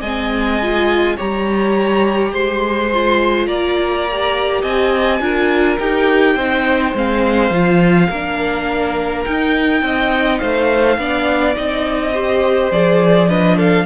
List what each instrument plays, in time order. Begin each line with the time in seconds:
0.00 cello G#3, viola C4, violin D#5 G#5
0.62 viola F4
1.16 cello G3, viola G4, violin C#5 A#5
2.32 cello G#3, violin C5 C6
2.93 viola F4
3.46 cello A#3, violin D5 A#5
4.11 viola G4
4.62 cello C4, violin D#5 G#5
5.20 cello D4, viola F4, violin A#4
5.79 cello D#4, viola G4, violin G5
6.34 cello C4, viola D#4, violin C5
6.94 cello G#3, viola C4, violin F5
7.50 cello F3, viola F4
8.09 cello A#3, viola D4, violin A#4
9.24 viola D#4, cello D#4, violin G5
9.82 cello C4, violin D#5
10.38 cello A3, violin C5 F5
10.97 cello B3, viola D4, violin D5
11.55 cello C4, viola D#4, violin D#5
12.13 viola G4, violin C5
12.71 cello F3, viola G#4, violin D5
13.28 viola D4, violin B4 D#5
13.56 violin A4 F5